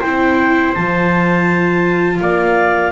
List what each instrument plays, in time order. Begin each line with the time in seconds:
0.00 double bass C4, viola E4, trumpet C5, clarinet G5
0.74 double bass F3, viola F4, clarinet A5
2.20 double bass A#3, trumpet D5, clarinet F5